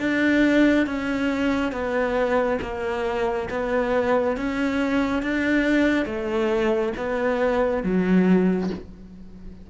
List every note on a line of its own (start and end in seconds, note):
0.00 0.87 D4
0.87 1.72 C#4
1.72 2.59 B3
2.62 3.49 A#3
3.51 4.37 B3
4.37 5.23 C#4
5.23 6.06 D4
6.06 6.93 A3
6.98 7.84 B3
7.84 8.71 F#3